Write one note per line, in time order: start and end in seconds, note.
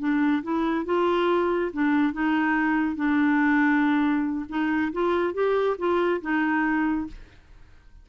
0.00 0.43 D4
0.43 0.86 E4
0.86 1.72 F4
1.73 2.13 D4
2.13 2.96 D#4
2.96 4.46 D4
4.49 4.92 D#4
4.93 5.34 F4
5.34 5.77 G4
5.78 6.21 F4
6.22 7.07 D#4